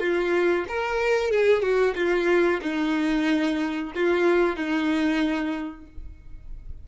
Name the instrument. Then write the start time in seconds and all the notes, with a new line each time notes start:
violin
0.00 F4
0.68 A#4
1.30 G#4
1.62 F#4
1.95 F4
2.62 D#4
3.95 F4
4.56 D#4